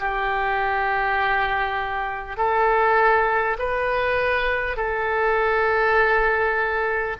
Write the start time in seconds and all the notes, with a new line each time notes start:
0.00 G4
2.38 A4
3.59 B4
4.77 A4